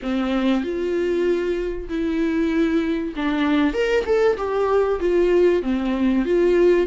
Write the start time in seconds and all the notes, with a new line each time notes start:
0.02 C4
0.63 F4
1.88 E4
3.16 D4
3.73 A#4
4.05 A4
4.37 G4
5.00 F4
5.62 C4
6.25 F4